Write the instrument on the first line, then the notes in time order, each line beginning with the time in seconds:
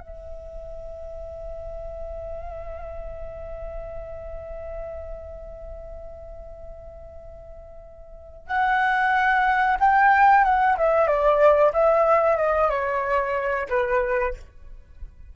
flute
0.00 E5
8.48 F#5
9.80 G5
10.44 F#5
10.78 E5
11.07 D5
11.74 E5
12.37 D#5
12.70 C#5
13.70 B4